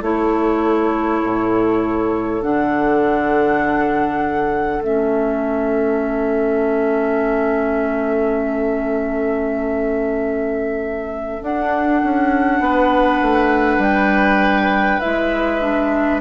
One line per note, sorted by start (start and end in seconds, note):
0.00 1.21 A3
0.00 2.41 E4
0.00 12.60 A4
0.00 2.42 C#5
1.22 2.42 A2
2.41 4.79 D3
2.41 4.81 D4
2.41 4.82 F#5
4.79 11.39 A3
4.79 11.42 C#4
4.79 11.43 E5
11.42 12.02 D4
11.42 15.01 D4
11.42 13.81 F#5
12.03 12.60 C#4
12.60 13.20 B3
12.60 16.21 B4
13.21 13.78 A3
13.78 14.98 G3
13.78 15.00 G5
15.00 16.21 G#3
15.00 15.60 E4
15.00 16.20 E5
15.60 16.20 D4